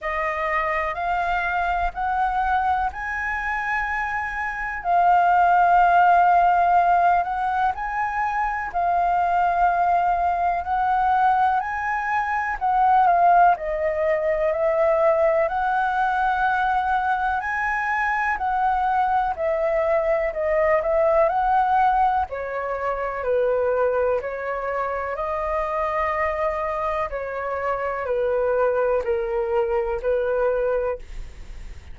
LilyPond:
\new Staff \with { instrumentName = "flute" } { \time 4/4 \tempo 4 = 62 dis''4 f''4 fis''4 gis''4~ | gis''4 f''2~ f''8 fis''8 | gis''4 f''2 fis''4 | gis''4 fis''8 f''8 dis''4 e''4 |
fis''2 gis''4 fis''4 | e''4 dis''8 e''8 fis''4 cis''4 | b'4 cis''4 dis''2 | cis''4 b'4 ais'4 b'4 | }